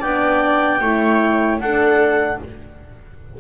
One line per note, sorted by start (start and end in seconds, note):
0.00 0.81 B3
0.00 0.82 D4
0.00 0.79 D5
0.00 1.59 G5
0.81 1.60 A3
0.81 1.60 E4
0.81 1.60 C#5
1.60 2.38 D4
1.60 2.39 D4
1.60 2.40 A4
1.60 2.39 F#5